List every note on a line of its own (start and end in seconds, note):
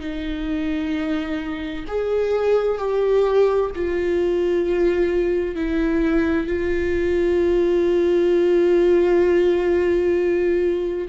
0.00 1.85 D#4
1.87 2.78 G#4
2.78 3.70 G4
3.75 5.55 F4
5.55 6.47 E4
6.47 11.08 F4